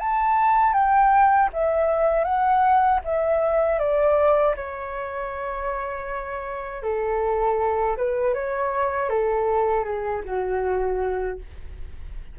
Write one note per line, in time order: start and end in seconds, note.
0.00 0.74 A5
0.74 1.50 G5
1.53 2.24 E5
2.24 3.00 F#5
3.05 3.79 E5
3.79 4.55 D5
4.56 6.83 C#5
6.83 7.97 A4
7.97 8.34 B4
8.34 9.10 C#5
9.10 9.85 A4
9.85 10.23 G#4
10.25 11.39 F#4